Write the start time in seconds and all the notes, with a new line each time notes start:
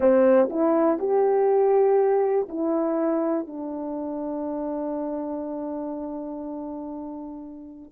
0.00 C4
0.50 E4
0.98 G4
2.48 E4
3.46 D4